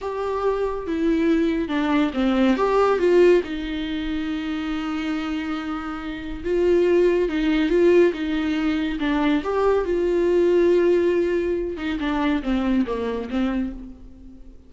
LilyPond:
\new Staff \with { instrumentName = "viola" } { \time 4/4 \tempo 4 = 140 g'2 e'2 | d'4 c'4 g'4 f'4 | dis'1~ | dis'2. f'4~ |
f'4 dis'4 f'4 dis'4~ | dis'4 d'4 g'4 f'4~ | f'2.~ f'8 dis'8 | d'4 c'4 ais4 c'4 | }